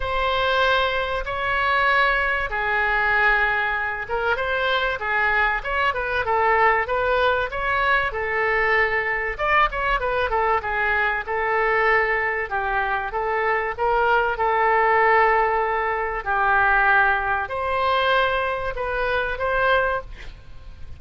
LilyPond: \new Staff \with { instrumentName = "oboe" } { \time 4/4 \tempo 4 = 96 c''2 cis''2 | gis'2~ gis'8 ais'8 c''4 | gis'4 cis''8 b'8 a'4 b'4 | cis''4 a'2 d''8 cis''8 |
b'8 a'8 gis'4 a'2 | g'4 a'4 ais'4 a'4~ | a'2 g'2 | c''2 b'4 c''4 | }